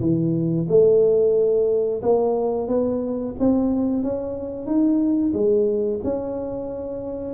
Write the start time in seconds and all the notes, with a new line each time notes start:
0.00 E3
0.68 A3
2.02 A#3
2.68 B3
3.39 C4
4.03 C#4
4.66 D#4
5.33 G#3
6.03 C#4